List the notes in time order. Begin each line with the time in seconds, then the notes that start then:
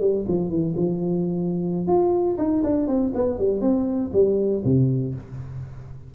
0.00 G3
0.28 F3
0.49 E3
0.76 F3
1.87 F4
2.38 D#4
2.63 D4
2.88 C4
3.15 B3
3.39 G3
3.61 C4
4.13 G3
4.65 C3